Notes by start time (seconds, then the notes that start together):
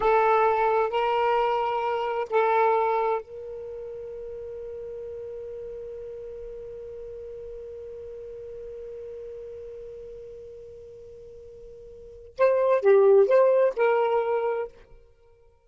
0.00 A4
0.90 A#4
2.30 A4
3.21 A#4
12.37 C5
12.81 G4
13.27 C5
13.76 A#4